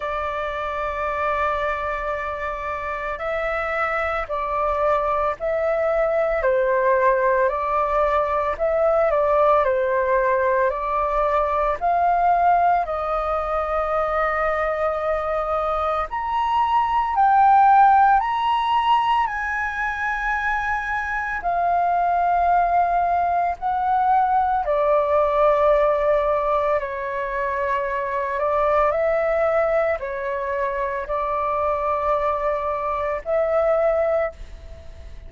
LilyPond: \new Staff \with { instrumentName = "flute" } { \time 4/4 \tempo 4 = 56 d''2. e''4 | d''4 e''4 c''4 d''4 | e''8 d''8 c''4 d''4 f''4 | dis''2. ais''4 |
g''4 ais''4 gis''2 | f''2 fis''4 d''4~ | d''4 cis''4. d''8 e''4 | cis''4 d''2 e''4 | }